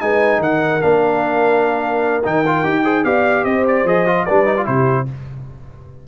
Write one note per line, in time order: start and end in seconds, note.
0.00 0.39 G#3
0.00 0.80 D#4
0.00 0.40 B4
0.00 0.41 G#5
0.39 0.79 D#3
0.39 2.83 A#4
0.39 0.81 F#5
0.80 2.25 A#3
0.80 2.22 D4
0.80 2.23 F5
2.24 2.64 D#3
2.24 2.44 D#4
2.24 3.04 G5
2.46 2.64 F4
2.64 3.04 D#4
2.64 2.84 G4
2.83 3.04 G#4
2.83 3.04 C5
3.04 3.44 B3
3.04 3.85 G4
3.04 3.45 D5
3.04 3.44 F5
3.44 3.84 C4
3.44 4.26 C5
3.44 3.64 D#5
3.67 3.87 D5
3.84 4.24 F3
3.84 4.06 G#4
3.84 4.25 D#5
4.06 4.26 F4
4.25 4.67 G3
4.25 4.45 D4
4.25 4.66 B4
4.25 4.65 D5
4.45 4.55 D#4
4.56 4.65 F4
4.65 5.07 C3
4.65 5.05 E4
4.65 5.07 G4
4.65 5.07 C5